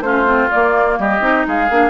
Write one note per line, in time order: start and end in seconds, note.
0.00 0.47 A3
0.00 0.25 C#4
0.00 0.99 F4
0.00 0.49 C5
0.25 0.49 C4
0.51 1.20 A#3
0.51 0.99 A#3
0.51 0.98 D5
0.99 1.20 G3
0.99 1.46 G4
0.99 1.46 D#5
1.20 1.44 C4
1.20 1.67 D#4
1.47 1.70 G#3
1.47 1.90 G#4
1.47 1.90 F5
1.70 1.90 A#3
1.70 1.90 D4